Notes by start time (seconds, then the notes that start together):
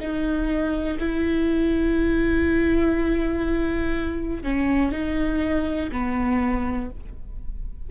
0.00 D#4
1.00 E4
4.44 C#4
4.92 D#4
5.92 B3